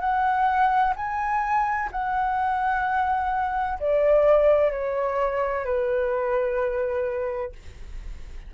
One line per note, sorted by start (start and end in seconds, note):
0.00 0.94 F#5
0.96 1.90 G#5
1.92 3.79 F#5
3.80 4.71 D5
4.71 5.65 C#5
5.65 7.53 B4